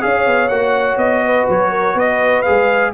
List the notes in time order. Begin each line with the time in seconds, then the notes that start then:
0.00 C#4 G#4 C#5 F5
0.26 B3
0.48 A#3 F#4 F#5
0.97 B3 D#5
1.25 B4
1.49 F#3 C#5
1.70 A#4
1.95 B3 B4 D#5
2.42 G#4 F5
2.49 G#3